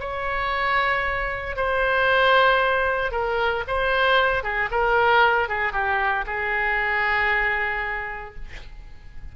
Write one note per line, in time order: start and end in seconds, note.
0.00 1.57 C#5
1.57 3.12 C5
3.12 3.64 A#4
3.68 4.43 C5
4.43 4.70 G#4
4.71 5.49 A#4
5.49 5.73 G#4
5.73 6.25 G4
6.27 8.35 G#4